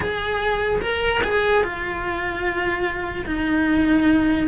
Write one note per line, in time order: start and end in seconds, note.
0.00 0.80 G#4
0.81 1.21 A#4
1.23 1.63 G#4
1.63 3.25 F4
3.26 4.47 D#4